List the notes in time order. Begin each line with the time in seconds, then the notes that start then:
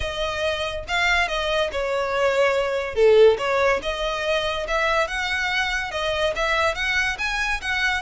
0.00 D#5
0.88 F5
1.28 D#5
1.72 C#5
2.94 A4
3.38 C#5
3.82 D#5
4.67 E5
5.07 F#5
5.91 D#5
6.35 E5
6.75 F#5
7.18 G#5
7.61 F#5